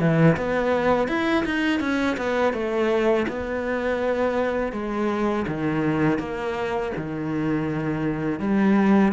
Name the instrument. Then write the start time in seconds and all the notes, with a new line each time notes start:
cello
0.00 E3
0.37 B3
1.08 E4
1.45 D#4
1.80 C#4
2.17 B3
2.53 A3
3.28 B3
4.73 G#3
5.48 D#3
6.19 A#3
6.97 D#3
8.40 G3